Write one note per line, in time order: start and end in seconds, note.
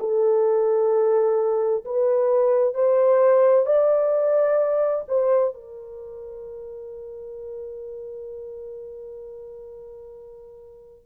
0.00 1.85 A4
1.85 2.75 B4
2.75 3.66 C5
3.66 5.05 D5
5.08 5.54 C5
5.55 11.06 A#4